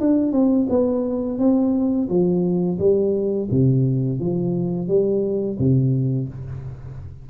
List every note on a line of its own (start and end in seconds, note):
0.00 0.32 D4
0.32 0.67 C4
0.69 1.39 B3
1.39 2.08 C4
2.09 2.78 F3
2.79 3.49 G3
3.51 4.20 C3
4.20 4.87 F3
4.87 5.57 G3
5.59 6.29 C3